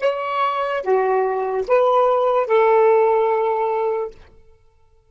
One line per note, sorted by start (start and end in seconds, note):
0.00 0.82 C#5
0.82 1.64 F#4
1.67 2.47 B4
2.47 4.11 A4